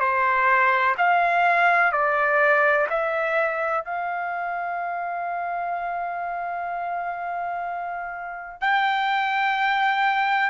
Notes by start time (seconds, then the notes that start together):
0.00 C5
0.98 F5
1.93 D5
2.90 E5
3.85 F5
8.61 G5